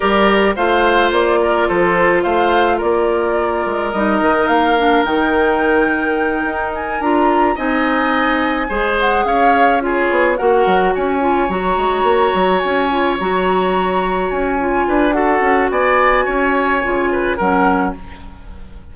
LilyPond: <<
  \new Staff \with { instrumentName = "flute" } { \time 4/4 \tempo 4 = 107 d''4 f''4 d''4 c''4 | f''4 d''2 dis''4 | f''4 g''2. | gis''8 ais''4 gis''2~ gis''8 |
fis''8 f''4 cis''4 fis''4 gis''8~ | gis''8 ais''2 gis''4 ais''8~ | ais''4. gis''4. fis''4 | gis''2. fis''4 | }
  \new Staff \with { instrumentName = "oboe" } { \time 4/4 ais'4 c''4. ais'8 a'4 | c''4 ais'2.~ | ais'1~ | ais'4. dis''2 c''8~ |
c''8 cis''4 gis'4 ais'4 cis''8~ | cis''1~ | cis''2~ cis''8 b'8 a'4 | d''4 cis''4. b'8 ais'4 | }
  \new Staff \with { instrumentName = "clarinet" } { \time 4/4 g'4 f'2.~ | f'2. dis'4~ | dis'8 d'8 dis'2.~ | dis'8 f'4 dis'2 gis'8~ |
gis'4. f'4 fis'4. | f'8 fis'2~ fis'8 f'8 fis'8~ | fis'2 f'4 fis'4~ | fis'2 f'4 cis'4 | }
  \new Staff \with { instrumentName = "bassoon" } { \time 4/4 g4 a4 ais4 f4 | a4 ais4. gis8 g8 dis8 | ais4 dis2~ dis8 dis'8~ | dis'8 d'4 c'2 gis8~ |
gis8 cis'4. b8 ais8 fis8 cis'8~ | cis'8 fis8 gis8 ais8 fis8 cis'4 fis8~ | fis4. cis'4 d'4 cis'8 | b4 cis'4 cis4 fis4 | }
>>